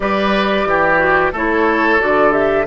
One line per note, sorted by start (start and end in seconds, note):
0.00 0.65 G3
0.00 0.97 G4
0.00 0.68 B4
0.00 1.32 D5
0.65 1.32 E3
0.65 1.32 G4
0.97 1.30 F#4
1.32 1.98 A3
1.32 1.99 E4
1.32 2.65 A4
1.32 2.01 C#5
1.99 2.67 D3
1.99 2.31 F#4
1.99 2.32 D5
2.31 2.64 G4
2.31 2.65 E5